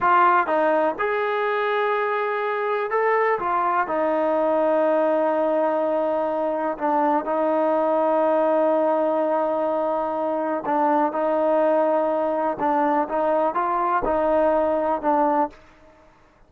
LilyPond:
\new Staff \with { instrumentName = "trombone" } { \time 4/4 \tempo 4 = 124 f'4 dis'4 gis'2~ | gis'2 a'4 f'4 | dis'1~ | dis'2 d'4 dis'4~ |
dis'1~ | dis'2 d'4 dis'4~ | dis'2 d'4 dis'4 | f'4 dis'2 d'4 | }